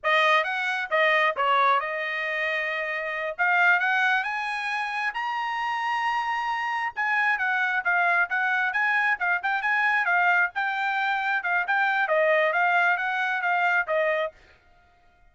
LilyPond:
\new Staff \with { instrumentName = "trumpet" } { \time 4/4 \tempo 4 = 134 dis''4 fis''4 dis''4 cis''4 | dis''2.~ dis''8 f''8~ | f''8 fis''4 gis''2 ais''8~ | ais''2.~ ais''8 gis''8~ |
gis''8 fis''4 f''4 fis''4 gis''8~ | gis''8 f''8 g''8 gis''4 f''4 g''8~ | g''4. f''8 g''4 dis''4 | f''4 fis''4 f''4 dis''4 | }